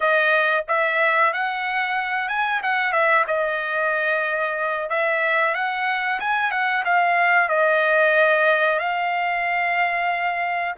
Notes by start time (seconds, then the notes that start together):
0.00 D#5
0.68 E5
1.33 F#5
2.28 G#5
2.62 F#5
2.92 E5
3.27 D#5
4.89 E5
5.54 F#5
6.20 G#5
6.51 F#5
6.84 F5
7.48 D#5
8.79 F5